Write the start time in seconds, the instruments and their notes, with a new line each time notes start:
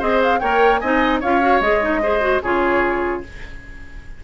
0.00 bassoon C4, clarinet G#4, oboe C5, flute D#5
0.23 flute F5
0.40 bassoon A#3, clarinet A#4, oboe C#5, flute G5
0.79 bassoon C4, clarinet D#4, oboe D#5, flute G#5
1.21 bassoon C#4, clarinet F4, oboe C#5, flute F5
1.41 clarinet F#4
1.61 bassoon G#3, clarinet G#4, flute D#5
1.81 clarinet D#4
2.03 clarinet G#4, oboe C5
2.21 clarinet F#4
2.43 bassoon C#3, clarinet F4, oboe G#4, flute C#5